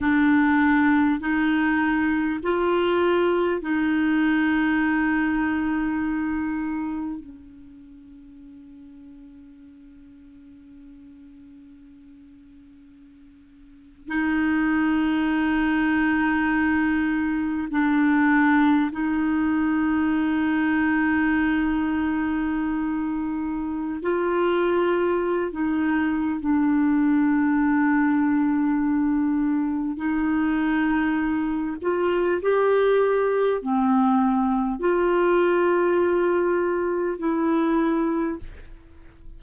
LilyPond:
\new Staff \with { instrumentName = "clarinet" } { \time 4/4 \tempo 4 = 50 d'4 dis'4 f'4 dis'4~ | dis'2 cis'2~ | cis'2.~ cis'8. dis'16~ | dis'2~ dis'8. d'4 dis'16~ |
dis'1 | f'4~ f'16 dis'8. d'2~ | d'4 dis'4. f'8 g'4 | c'4 f'2 e'4 | }